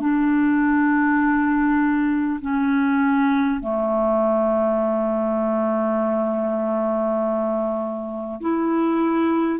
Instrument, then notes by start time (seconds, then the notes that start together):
clarinet
0.00 D4
2.41 C#4
3.60 A3
8.41 E4